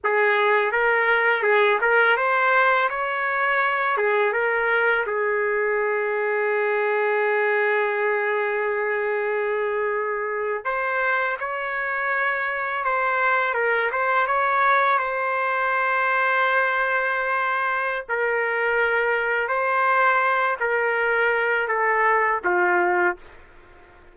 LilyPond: \new Staff \with { instrumentName = "trumpet" } { \time 4/4 \tempo 4 = 83 gis'4 ais'4 gis'8 ais'8 c''4 | cis''4. gis'8 ais'4 gis'4~ | gis'1~ | gis'2~ gis'8. c''4 cis''16~ |
cis''4.~ cis''16 c''4 ais'8 c''8 cis''16~ | cis''8. c''2.~ c''16~ | c''4 ais'2 c''4~ | c''8 ais'4. a'4 f'4 | }